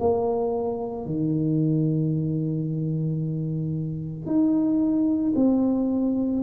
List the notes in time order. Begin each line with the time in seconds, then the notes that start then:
0.00 A#3
1.05 D#3
4.26 D#4
5.36 C4